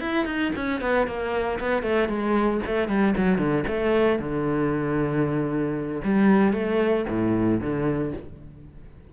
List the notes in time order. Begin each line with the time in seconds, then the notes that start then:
0.00 E4
0.25 D#4
0.56 C#4
0.81 B3
1.07 A#3
1.60 B3
1.82 A3
2.08 G#3
2.66 A3
2.88 G3
3.17 F#3
3.38 D3
3.67 A3
4.19 D3
6.04 G3
6.53 A3
7.09 A2
7.61 D3